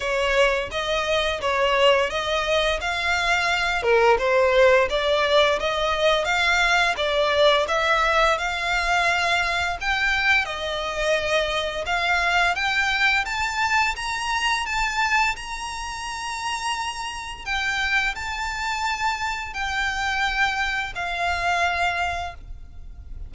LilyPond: \new Staff \with { instrumentName = "violin" } { \time 4/4 \tempo 4 = 86 cis''4 dis''4 cis''4 dis''4 | f''4. ais'8 c''4 d''4 | dis''4 f''4 d''4 e''4 | f''2 g''4 dis''4~ |
dis''4 f''4 g''4 a''4 | ais''4 a''4 ais''2~ | ais''4 g''4 a''2 | g''2 f''2 | }